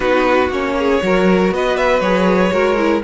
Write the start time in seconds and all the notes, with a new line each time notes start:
0.00 B3 D#4 F#4 B4
0.49 A#3 C#4 C#5
0.78 G#4
1.02 F#3 F#4 A#4
1.51 B3 B4 D#5
1.76 E5
2.00 F#3 G#4 C#5
2.50 G#3 F#4 A#4
2.77 E4